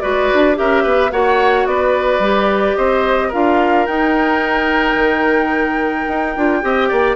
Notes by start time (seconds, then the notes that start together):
0.00 G#3 F#4 B4 D5
0.33 D4
0.55 C#4 G4 A#4 E5
0.83 B3 B4
1.11 A#3 F#4 C#5 F#5
1.66 B3 B4 D5
2.18 G3 G4
2.76 C4 C5 D#5
3.28 D4 F4 A#4 F5
3.86 D#4 G5
4.94 D#3
6.08 D#4
6.36 D4 F4
6.61 C4 G4 D#5
6.88 A#3 D5